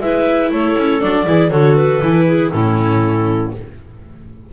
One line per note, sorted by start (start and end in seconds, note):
0.00 0.50 G#3
0.00 1.01 E4
0.00 0.52 B4
0.00 0.51 E5
0.51 0.76 A3
0.51 1.26 A4
0.51 1.01 C#5
0.78 1.01 C#4
1.01 1.26 F#3
1.01 1.26 D4
1.01 1.50 D5
1.26 1.51 E3
1.26 1.51 E4
1.26 1.50 G#4
1.50 2.01 D3
1.50 2.01 F#4
1.50 2.25 A4
1.50 1.75 C#5
1.76 2.51 B4
2.02 2.52 E3
2.02 2.53 E4
2.26 2.51 G#4
2.51 3.53 A2
2.51 3.53 C#4
2.51 3.52 E4
2.51 3.51 A4